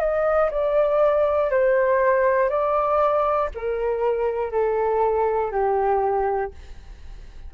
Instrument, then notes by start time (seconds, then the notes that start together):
flute
0.00 D#5
0.51 D5
1.50 C5
2.49 D5
3.55 A#4
4.51 A4
5.51 G4